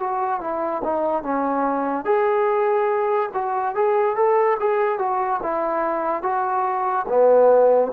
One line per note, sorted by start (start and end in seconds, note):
0.00 0.41 F#4
0.41 0.83 E4
0.84 1.23 D#4
1.23 2.05 C#4
2.05 3.30 G#4
3.34 3.75 F#4
3.75 4.16 G#4
4.16 4.58 A4
4.60 4.99 G#4
4.99 5.41 F#4
5.43 6.23 E4
6.23 7.06 F#4
7.08 7.92 B3